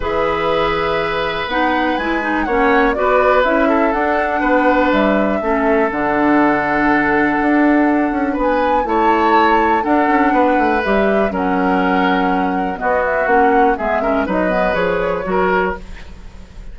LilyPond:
<<
  \new Staff \with { instrumentName = "flute" } { \time 4/4 \tempo 4 = 122 e''2. fis''4 | gis''4 fis''4 d''4 e''4 | fis''2 e''2 | fis''1~ |
fis''4 gis''4 a''2 | fis''2 e''4 fis''4~ | fis''2 dis''8 e''8 fis''4 | e''4 dis''4 cis''2 | }
  \new Staff \with { instrumentName = "oboe" } { \time 4/4 b'1~ | b'4 cis''4 b'4. a'8~ | a'4 b'2 a'4~ | a'1~ |
a'4 b'4 cis''2 | a'4 b'2 ais'4~ | ais'2 fis'2 | gis'8 ais'8 b'2 ais'4 | }
  \new Staff \with { instrumentName = "clarinet" } { \time 4/4 gis'2. dis'4 | e'8 dis'8 cis'4 fis'4 e'4 | d'2. cis'4 | d'1~ |
d'2 e'2 | d'2 g'4 cis'4~ | cis'2 b4 cis'4 | b8 cis'8 dis'8 b8 gis'4 fis'4 | }
  \new Staff \with { instrumentName = "bassoon" } { \time 4/4 e2. b4 | gis4 ais4 b4 cis'4 | d'4 b4 g4 a4 | d2. d'4~ |
d'8 cis'8 b4 a2 | d'8 cis'8 b8 a8 g4 fis4~ | fis2 b4 ais4 | gis4 fis4 f4 fis4 | }
>>